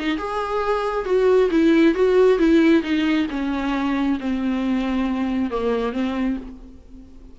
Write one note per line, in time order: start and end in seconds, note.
0.00 0.18 D#4
0.18 1.05 G#4
1.05 1.50 F#4
1.51 1.95 E4
1.95 2.39 F#4
2.39 2.83 E4
2.83 3.27 D#4
3.31 4.19 C#4
4.20 5.51 C4
5.51 5.93 A#3
5.93 6.37 C4